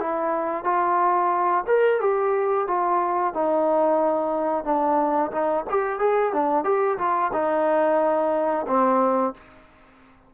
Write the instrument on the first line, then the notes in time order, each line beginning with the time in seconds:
trombone
0.00 E4
0.65 F4
1.68 A#4
2.01 G4
2.68 F4
3.34 D#4
4.65 D4
5.32 D#4
5.70 G4
6.00 G#4
6.33 D4
6.65 G4
6.98 F4
7.33 D#4
8.68 C4